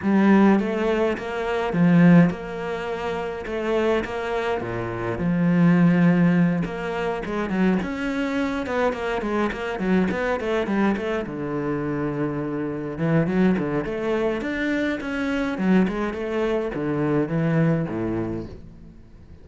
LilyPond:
\new Staff \with { instrumentName = "cello" } { \time 4/4 \tempo 4 = 104 g4 a4 ais4 f4 | ais2 a4 ais4 | ais,4 f2~ f8 ais8~ | ais8 gis8 fis8 cis'4. b8 ais8 |
gis8 ais8 fis8 b8 a8 g8 a8 d8~ | d2~ d8 e8 fis8 d8 | a4 d'4 cis'4 fis8 gis8 | a4 d4 e4 a,4 | }